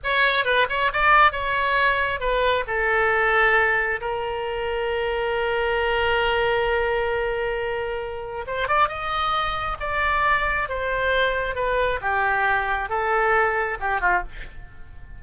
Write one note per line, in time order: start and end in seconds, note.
0.03 0.44 C#5
0.44 0.66 B4
0.69 0.91 C#5
0.92 1.32 D5
1.32 2.19 C#5
2.19 2.64 B4
2.67 4.00 A4
4.00 8.45 A#4
8.46 8.67 C5
8.67 8.88 D5
8.88 9.77 D#5
9.79 10.68 D5
10.68 11.55 C5
11.55 11.99 B4
12.01 12.89 G4
12.89 13.78 A4
13.80 14.00 G4
14.00 14.22 F4